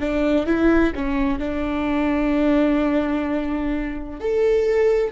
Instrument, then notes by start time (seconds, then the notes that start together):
viola
0.00 D4
0.46 E4
0.95 C#4
1.39 D4
4.20 A4